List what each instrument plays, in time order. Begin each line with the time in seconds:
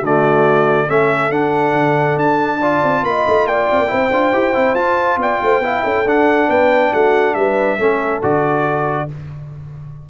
0.00 tuba D3, trombone A3, horn F#4, trumpet D5
0.87 tuba A3, trombone C#4, horn A4, trumpet E5
1.29 tuba D4, trombone D4, trumpet F#5
1.73 tuba D3
2.16 tuba D4, trumpet A5
2.59 trombone F4, horn D5
2.83 tuba C4
3.03 tuba A#3, horn D#5, trumpet B5
3.27 tuba A3
3.46 tuba A#3, horn D5, trumpet G5
3.71 tuba C4
3.78 tuba A#3
3.87 tuba C4, trombone E4, horn C5
4.10 tuba D4, trombone F4
4.32 tuba E4, trombone G4
4.53 tuba C4, trombone E4
4.74 tuba F4, trombone F4, trumpet A5
5.16 tuba B3, horn D5, trumpet G5
5.42 tuba A3, horn C5
5.60 tuba B3, trombone E4, horn F5
5.84 tuba C#4, horn A4
6.04 tuba D4, trombone D4, trumpet F#5
6.48 tuba B3, horn B4, trumpet G5
6.92 tuba A3, horn F#4, trumpet F#5
7.34 tuba G3, horn B4, trumpet E5
7.78 tuba A3, trombone C#4, horn A4
8.22 tuba D3, trombone F#4, trumpet D5